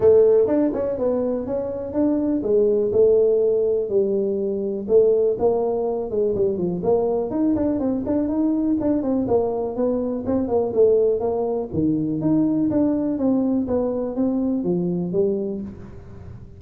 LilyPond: \new Staff \with { instrumentName = "tuba" } { \time 4/4 \tempo 4 = 123 a4 d'8 cis'8 b4 cis'4 | d'4 gis4 a2 | g2 a4 ais4~ | ais8 gis8 g8 f8 ais4 dis'8 d'8 |
c'8 d'8 dis'4 d'8 c'8 ais4 | b4 c'8 ais8 a4 ais4 | dis4 dis'4 d'4 c'4 | b4 c'4 f4 g4 | }